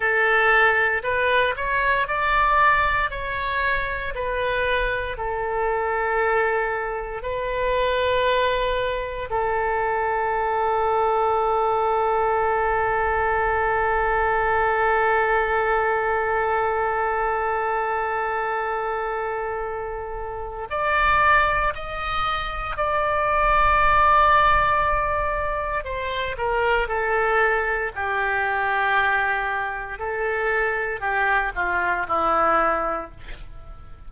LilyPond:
\new Staff \with { instrumentName = "oboe" } { \time 4/4 \tempo 4 = 58 a'4 b'8 cis''8 d''4 cis''4 | b'4 a'2 b'4~ | b'4 a'2.~ | a'1~ |
a'1 | d''4 dis''4 d''2~ | d''4 c''8 ais'8 a'4 g'4~ | g'4 a'4 g'8 f'8 e'4 | }